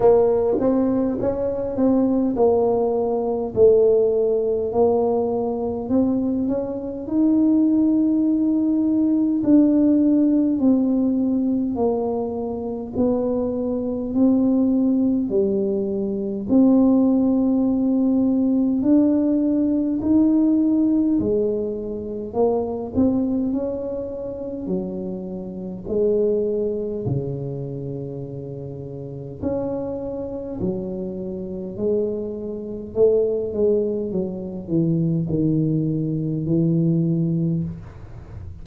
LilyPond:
\new Staff \with { instrumentName = "tuba" } { \time 4/4 \tempo 4 = 51 ais8 c'8 cis'8 c'8 ais4 a4 | ais4 c'8 cis'8 dis'2 | d'4 c'4 ais4 b4 | c'4 g4 c'2 |
d'4 dis'4 gis4 ais8 c'8 | cis'4 fis4 gis4 cis4~ | cis4 cis'4 fis4 gis4 | a8 gis8 fis8 e8 dis4 e4 | }